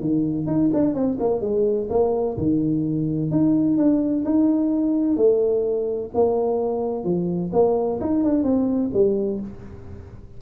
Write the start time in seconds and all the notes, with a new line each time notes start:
0.00 D#3
0.46 D#4
0.73 D4
0.94 C4
1.20 A#3
1.41 G#3
1.90 A#3
2.37 D#3
3.31 D#4
3.77 D4
4.25 D#4
5.16 A3
6.14 A#3
7.04 F3
7.53 A#3
8.00 D#4
8.24 D4
8.43 C4
8.93 G3